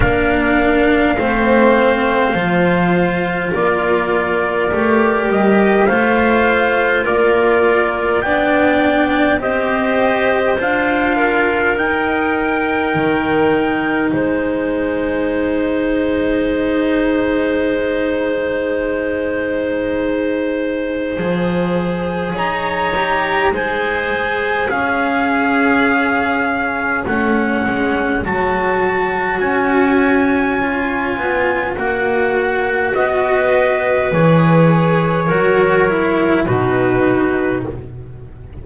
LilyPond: <<
  \new Staff \with { instrumentName = "trumpet" } { \time 4/4 \tempo 4 = 51 f''2. d''4~ | d''8 dis''8 f''4 d''4 g''4 | dis''4 f''4 g''2 | gis''1~ |
gis''2. ais''4 | gis''4 f''2 fis''4 | a''4 gis''2 fis''4 | dis''4 cis''2 b'4 | }
  \new Staff \with { instrumentName = "clarinet" } { \time 4/4 ais'4 c''2 ais'4~ | ais'4 c''4 ais'4 d''4 | c''4. ais'2~ ais'8 | c''1~ |
c''2. cis''4 | c''4 cis''2.~ | cis''1 | b'2 ais'4 fis'4 | }
  \new Staff \with { instrumentName = "cello" } { \time 4/4 d'4 c'4 f'2 | g'4 f'2 d'4 | g'4 f'4 dis'2~ | dis'1~ |
dis'2 gis'4. g'8 | gis'2. cis'4 | fis'2 f'4 fis'4~ | fis'4 gis'4 fis'8 e'8 dis'4 | }
  \new Staff \with { instrumentName = "double bass" } { \time 4/4 ais4 a4 f4 ais4 | a8 g8 a4 ais4 b4 | c'4 d'4 dis'4 dis4 | gis1~ |
gis2 f4 dis'4 | gis4 cis'2 a8 gis8 | fis4 cis'4. b8 ais4 | b4 e4 fis4 b,4 | }
>>